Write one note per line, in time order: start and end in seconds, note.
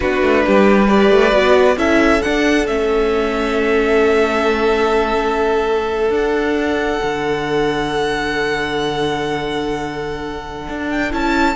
0.00 0.22 B3
0.00 0.88 D4
0.00 0.44 F#4
0.00 0.88 B4
0.22 0.44 A3
0.46 1.10 G3
0.46 0.87 G4
0.87 1.32 G4
0.87 1.76 B4
0.87 1.77 D5
1.10 1.32 A3
1.32 1.76 B3
1.32 1.76 F#4
1.76 2.21 C#4
1.76 2.21 E4
1.76 11.55 A4
1.76 2.22 E5
2.22 2.67 D4
2.22 2.66 F#5
2.66 6.09 A3
2.66 6.10 C#4
2.66 6.11 E5
6.09 6.98 D4
6.09 11.10 D4
6.09 10.89 F#5
7.02 10.68 D3
10.68 11.12 D4
10.89 11.12 G5
11.10 11.55 C#4
11.10 11.55 E4
11.10 11.55 A5